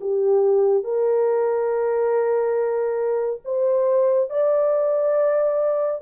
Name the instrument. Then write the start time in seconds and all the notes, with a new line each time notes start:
horn
0.00 G4
0.83 A#4
3.44 C5
4.30 D5